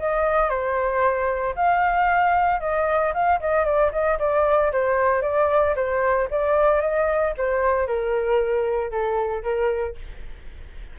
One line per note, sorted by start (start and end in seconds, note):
0.00 0.50 D#5
0.50 1.55 C5
1.56 2.61 F5
2.61 3.13 D#5
3.14 3.40 F5
3.41 3.66 D#5
3.66 3.92 D5
3.93 4.19 D#5
4.20 4.72 D5
4.72 5.22 C5
5.22 5.75 D5
5.76 6.29 C5
6.31 6.82 D5
6.82 7.34 D#5
7.38 7.88 C5
7.88 8.92 A#4
8.92 9.44 A4
9.44 9.96 A#4